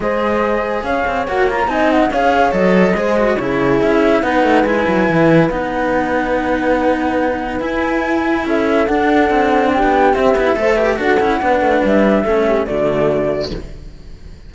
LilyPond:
<<
  \new Staff \with { instrumentName = "flute" } { \time 4/4 \tempo 4 = 142 dis''2 f''4 fis''8 ais''8 | gis''8 fis''8 f''4 dis''2 | cis''4 e''4 fis''4 gis''4~ | gis''4 fis''2.~ |
fis''2 gis''2 | e''4 fis''2 g''4 | e''2 fis''2 | e''2 d''2 | }
  \new Staff \with { instrumentName = "horn" } { \time 4/4 c''2 cis''2 | dis''4 cis''2 c''4 | gis'2 b'2~ | b'1~ |
b'1 | a'2. g'4~ | g'4 c''8 b'8 a'4 b'4~ | b'4 a'8 g'8 fis'2 | }
  \new Staff \with { instrumentName = "cello" } { \time 4/4 gis'2. fis'8 f'8 | dis'4 gis'4 a'4 gis'8 fis'8 | e'2 dis'4 e'4~ | e'4 dis'2.~ |
dis'2 e'2~ | e'4 d'2. | c'8 e'8 a'8 g'8 fis'8 e'8 d'4~ | d'4 cis'4 a2 | }
  \new Staff \with { instrumentName = "cello" } { \time 4/4 gis2 cis'8 c'8 ais4 | c'4 cis'4 fis4 gis4 | cis4 cis'4 b8 a8 gis8 fis8 | e4 b2.~ |
b2 e'2 | cis'4 d'4 c'4~ c'16 b8. | c'8 b8 a4 d'8 cis'8 b8 a8 | g4 a4 d2 | }
>>